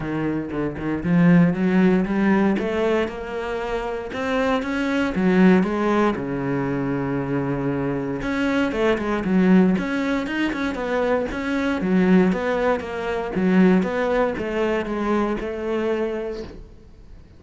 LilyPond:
\new Staff \with { instrumentName = "cello" } { \time 4/4 \tempo 4 = 117 dis4 d8 dis8 f4 fis4 | g4 a4 ais2 | c'4 cis'4 fis4 gis4 | cis1 |
cis'4 a8 gis8 fis4 cis'4 | dis'8 cis'8 b4 cis'4 fis4 | b4 ais4 fis4 b4 | a4 gis4 a2 | }